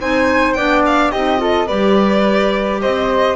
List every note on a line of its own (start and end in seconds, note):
0.00 0.56 C4
0.00 0.57 D#4
0.00 0.56 C5
0.00 0.53 G#5
0.53 1.13 B3
0.53 1.14 D4
0.53 1.12 D5
0.53 0.82 G5
0.86 1.11 F5
1.11 1.69 C4
1.11 1.37 D#4
1.11 1.40 G4
1.11 1.68 D#5
1.37 1.66 F4
1.37 1.66 A4
1.66 2.82 G3
1.66 3.36 G4
1.66 2.80 B4
1.66 2.81 D5
2.81 3.36 C4
2.81 3.36 C5
2.81 3.36 D#5